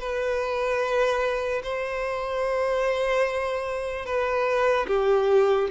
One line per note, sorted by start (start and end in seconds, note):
0.00 1.62 B4
1.63 4.05 C5
4.05 4.86 B4
4.87 5.68 G4